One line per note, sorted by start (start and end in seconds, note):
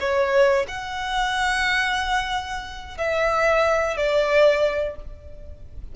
0.00 0.66 C#5
0.68 2.98 F#5
2.98 3.97 E5
3.97 4.95 D5